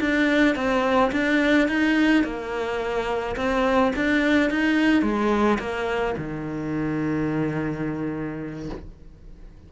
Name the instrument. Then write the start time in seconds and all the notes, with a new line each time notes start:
cello
0.00 D4
0.55 C4
1.12 D4
1.68 D#4
2.23 A#3
3.36 C4
3.95 D4
4.50 D#4
5.02 G#3
5.59 A#3
6.17 D#3